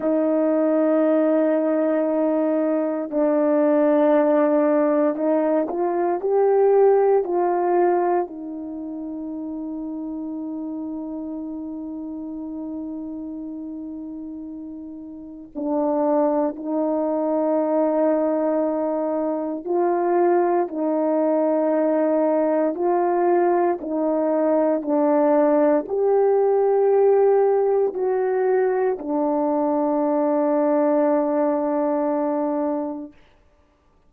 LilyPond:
\new Staff \with { instrumentName = "horn" } { \time 4/4 \tempo 4 = 58 dis'2. d'4~ | d'4 dis'8 f'8 g'4 f'4 | dis'1~ | dis'2. d'4 |
dis'2. f'4 | dis'2 f'4 dis'4 | d'4 g'2 fis'4 | d'1 | }